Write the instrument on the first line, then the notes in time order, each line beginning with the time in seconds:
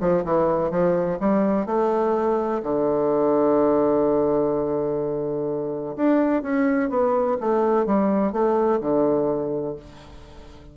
bassoon
0.00 F3
0.24 E3
0.70 F3
1.20 G3
1.66 A3
2.62 D3
5.96 D4
6.42 C#4
6.89 B3
7.40 A3
7.86 G3
8.32 A3
8.80 D3